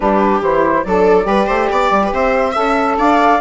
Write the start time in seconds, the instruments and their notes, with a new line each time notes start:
0.00 bassoon G3, saxophone D4, viola G4, flute B4
0.41 bassoon E3, saxophone E4, flute C5
0.84 bassoon F#3, saxophone D4, viola A4, flute D5
1.23 bassoon G3, saxophone G4, viola B4
1.46 bassoon A3, viola C5
1.70 bassoon B3, viola D5
1.90 bassoon G3
2.04 viola B4
2.12 bassoon C4, viola C5, flute E5
2.51 bassoon C#4, saxophone A4, viola E5
2.97 bassoon D4, viola D5, flute F5